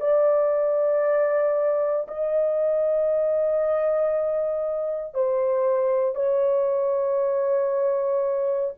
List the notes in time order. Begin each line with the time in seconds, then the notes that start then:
0.00 D5
2.08 D#5
5.14 C5
6.15 C#5